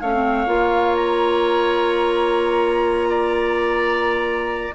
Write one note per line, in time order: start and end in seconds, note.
0.00 0.46 A3
0.00 0.13 C#4
0.00 3.08 C#5
0.00 0.94 F5
0.13 0.46 C4
0.46 4.71 A#3
0.46 4.71 F4
0.95 4.73 A#5
3.09 4.74 D5